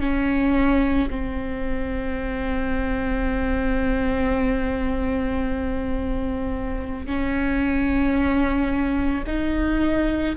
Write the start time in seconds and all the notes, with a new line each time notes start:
0.00 C#4
1.10 C4
7.06 C#4
9.27 D#4